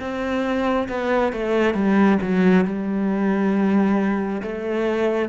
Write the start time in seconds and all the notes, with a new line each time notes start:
0.00 C4
0.89 B3
1.33 A3
1.74 G3
2.22 F#3
2.66 G3
4.42 A3